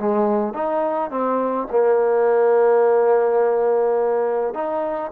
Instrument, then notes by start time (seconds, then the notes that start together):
trombone
0.00 G#3
0.54 D#4
1.11 C4
1.71 A#3
4.55 D#4